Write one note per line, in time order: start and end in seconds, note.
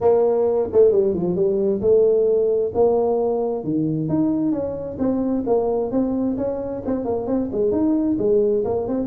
0.00 0.69 A#3
0.72 0.91 A3
0.91 1.14 G3
1.14 1.35 F3
1.35 1.81 G3
1.81 2.72 A3
2.74 3.64 A#3
3.64 4.08 D#3
4.08 4.51 D#4
4.51 4.97 C#4
4.98 5.44 C4
5.46 5.91 A#3
5.91 6.36 C4
6.37 6.82 C#4
6.85 7.04 C4
7.04 7.26 A#3
7.26 7.49 C4
7.52 7.71 G#3
7.71 8.17 D#4
8.18 8.63 G#3
8.64 8.87 A#3
8.87 9.07 C4